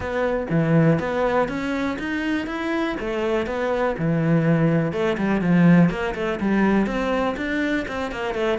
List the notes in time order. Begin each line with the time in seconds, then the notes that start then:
0.00 B3
0.49 E3
0.99 B3
1.48 C#4
1.98 D#4
2.46 E4
3.00 A3
3.46 B3
3.98 E3
4.92 A3
5.17 G3
5.41 F3
5.89 A#3
6.14 A3
6.39 G3
6.86 C4
7.36 D4
7.88 C4
8.11 A#3
8.34 A3